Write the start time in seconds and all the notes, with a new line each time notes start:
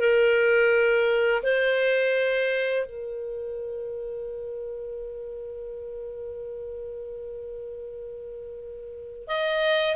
0.00 A#4
1.44 C5
2.86 A#4
9.28 D#5